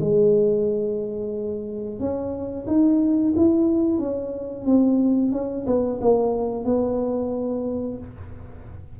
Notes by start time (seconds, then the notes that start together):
0.00 G#3
1.99 C#4
2.67 D#4
3.36 E4
3.98 C#4
4.65 C4
5.32 C#4
5.66 B3
6.01 A#3
6.64 B3